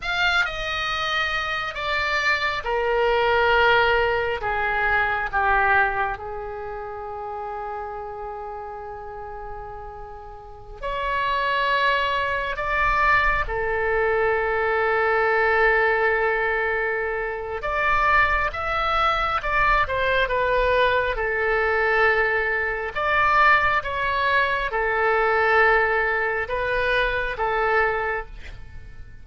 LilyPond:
\new Staff \with { instrumentName = "oboe" } { \time 4/4 \tempo 4 = 68 f''8 dis''4. d''4 ais'4~ | ais'4 gis'4 g'4 gis'4~ | gis'1~ | gis'16 cis''2 d''4 a'8.~ |
a'1 | d''4 e''4 d''8 c''8 b'4 | a'2 d''4 cis''4 | a'2 b'4 a'4 | }